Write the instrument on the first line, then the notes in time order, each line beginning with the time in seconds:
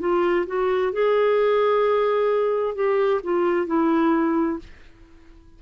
clarinet
0.00 F4
0.47 F#4
0.93 G#4
2.75 G4
3.24 F4
3.67 E4